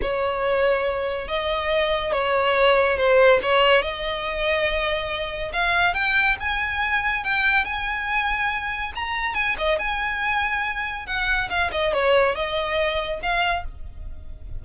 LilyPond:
\new Staff \with { instrumentName = "violin" } { \time 4/4 \tempo 4 = 141 cis''2. dis''4~ | dis''4 cis''2 c''4 | cis''4 dis''2.~ | dis''4 f''4 g''4 gis''4~ |
gis''4 g''4 gis''2~ | gis''4 ais''4 gis''8 dis''8 gis''4~ | gis''2 fis''4 f''8 dis''8 | cis''4 dis''2 f''4 | }